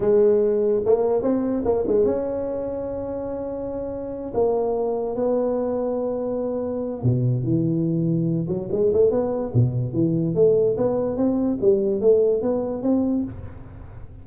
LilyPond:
\new Staff \with { instrumentName = "tuba" } { \time 4/4 \tempo 4 = 145 gis2 ais4 c'4 | ais8 gis8 cis'2.~ | cis'2~ cis'8 ais4.~ | ais8 b2.~ b8~ |
b4 b,4 e2~ | e8 fis8 gis8 a8 b4 b,4 | e4 a4 b4 c'4 | g4 a4 b4 c'4 | }